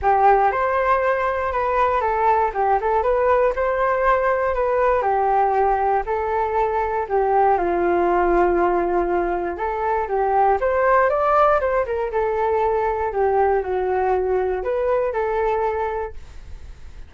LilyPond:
\new Staff \with { instrumentName = "flute" } { \time 4/4 \tempo 4 = 119 g'4 c''2 b'4 | a'4 g'8 a'8 b'4 c''4~ | c''4 b'4 g'2 | a'2 g'4 f'4~ |
f'2. a'4 | g'4 c''4 d''4 c''8 ais'8 | a'2 g'4 fis'4~ | fis'4 b'4 a'2 | }